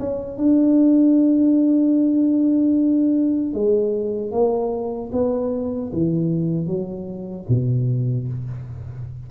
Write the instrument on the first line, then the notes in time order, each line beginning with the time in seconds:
tuba
0.00 C#4
0.38 D4
3.54 G#3
4.32 A#3
5.13 B3
5.93 E3
6.67 F#3
7.49 B2